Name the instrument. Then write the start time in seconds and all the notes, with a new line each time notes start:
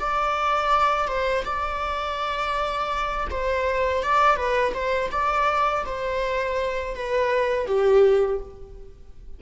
viola
0.00 D5
1.08 C5
1.45 D5
3.31 C5
4.03 D5
4.37 B4
4.74 C5
5.12 D5
5.86 C5
6.95 B4
7.67 G4